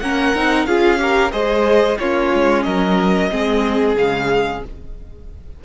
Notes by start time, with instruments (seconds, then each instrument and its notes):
0.00 cello A#3, viola C#4, violin A#4 F#5
0.35 cello C4, viola D#4
0.66 cello C#4, viola F4, violin G#4 F5
0.98 viola G4, violin A#4
1.32 cello G#3, viola G#4, violin C5 D#5
1.99 cello A#3, viola C#4, violin F4 C#5
2.34 cello G#3
2.63 cello F#3, violin A#4 D#5
3.30 cello G#3, viola C4, violin G#4
3.95 cello C#3, viola G#3, violin F5